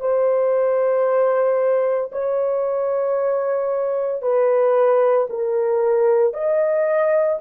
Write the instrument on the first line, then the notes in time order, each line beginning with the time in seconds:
horn
0.00 C5
2.12 C#5
4.22 B4
5.30 A#4
6.34 D#5